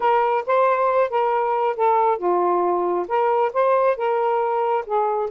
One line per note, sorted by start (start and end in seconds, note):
0.00 0.44 A#4
0.46 1.09 C5
1.09 1.76 A#4
1.76 2.18 A4
2.18 3.06 F4
3.07 3.52 A#4
3.53 3.96 C5
3.96 4.84 A#4
4.85 5.30 G#4